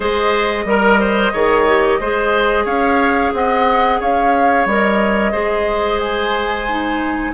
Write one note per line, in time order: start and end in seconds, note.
0.00 0.64 G#3
0.00 0.66 G#4
0.00 0.64 C5
0.00 2.66 D#5
0.64 1.31 G3
0.64 1.32 A#4
0.64 1.00 A#4
1.00 1.32 C5
1.32 1.99 D#3
1.32 1.67 G#4
1.32 1.99 C#5
1.67 2.01 G4
1.99 2.65 G#3
1.99 4.67 G#4
1.99 2.65 C5
2.65 3.32 C#4
2.65 3.31 C#5
2.65 3.32 F5
3.32 3.99 C4
3.32 3.99 D#5
3.32 4.01 F#5
3.99 4.65 C#4
3.99 5.31 C#5
3.99 4.67 F5
4.65 5.32 G3
4.65 5.32 A#4
4.65 5.99 D#5
5.31 7.33 G#3
5.31 6.66 G#4
5.31 7.31 C5
5.99 7.33 G#5
6.68 7.33 D#4